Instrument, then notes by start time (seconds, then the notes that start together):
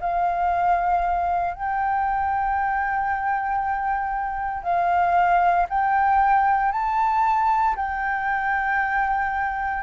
flute
0.00 F5
1.54 G5
4.63 F5
5.69 G5
6.72 A5
7.76 G5